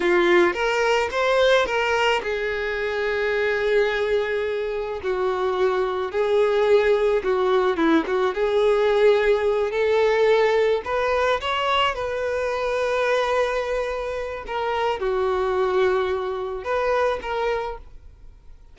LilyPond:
\new Staff \with { instrumentName = "violin" } { \time 4/4 \tempo 4 = 108 f'4 ais'4 c''4 ais'4 | gis'1~ | gis'4 fis'2 gis'4~ | gis'4 fis'4 e'8 fis'8 gis'4~ |
gis'4. a'2 b'8~ | b'8 cis''4 b'2~ b'8~ | b'2 ais'4 fis'4~ | fis'2 b'4 ais'4 | }